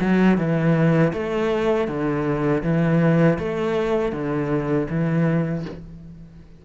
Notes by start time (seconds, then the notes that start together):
0.00 F#3
0.38 E3
1.13 A3
1.88 D3
2.63 E3
3.38 A3
4.12 D3
4.90 E3